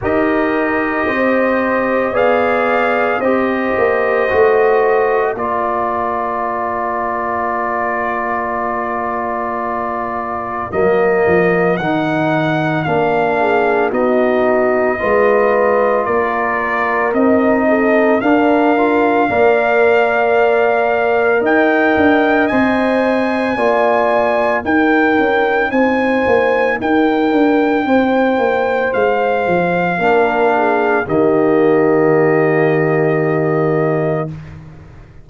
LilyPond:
<<
  \new Staff \with { instrumentName = "trumpet" } { \time 4/4 \tempo 4 = 56 dis''2 f''4 dis''4~ | dis''4 d''2.~ | d''2 dis''4 fis''4 | f''4 dis''2 d''4 |
dis''4 f''2. | g''4 gis''2 g''4 | gis''4 g''2 f''4~ | f''4 dis''2. | }
  \new Staff \with { instrumentName = "horn" } { \time 4/4 ais'4 c''4 d''4 c''4~ | c''4 ais'2.~ | ais'1~ | ais'8 gis'8 fis'4 b'4 ais'4~ |
ais'8 a'8 ais'4 d''2 | dis''2 d''4 ais'4 | c''4 ais'4 c''2 | ais'8 gis'8 g'2. | }
  \new Staff \with { instrumentName = "trombone" } { \time 4/4 g'2 gis'4 g'4 | fis'4 f'2.~ | f'2 ais4 dis'4 | d'4 dis'4 f'2 |
dis'4 d'8 f'8 ais'2~ | ais'4 c''4 f'4 dis'4~ | dis'1 | d'4 ais2. | }
  \new Staff \with { instrumentName = "tuba" } { \time 4/4 dis'4 c'4 b4 c'8 ais8 | a4 ais2.~ | ais2 fis8 f8 dis4 | ais4 b4 gis4 ais4 |
c'4 d'4 ais2 | dis'8 d'8 c'4 ais4 dis'8 cis'8 | c'8 ais8 dis'8 d'8 c'8 ais8 gis8 f8 | ais4 dis2. | }
>>